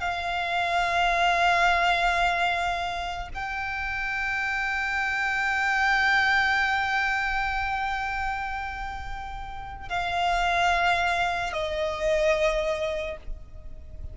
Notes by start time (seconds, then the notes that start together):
0.00 F5
3.34 G5
9.89 F5
11.53 D#5